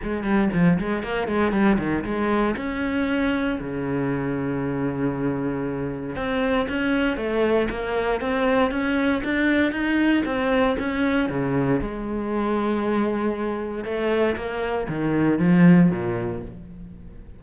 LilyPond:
\new Staff \with { instrumentName = "cello" } { \time 4/4 \tempo 4 = 117 gis8 g8 f8 gis8 ais8 gis8 g8 dis8 | gis4 cis'2 cis4~ | cis1 | c'4 cis'4 a4 ais4 |
c'4 cis'4 d'4 dis'4 | c'4 cis'4 cis4 gis4~ | gis2. a4 | ais4 dis4 f4 ais,4 | }